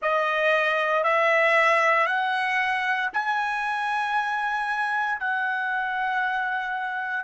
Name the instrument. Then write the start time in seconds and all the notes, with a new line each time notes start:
trumpet
0.01 D#5
1.03 E5
2.06 F#5
3.13 G#5
5.19 F#5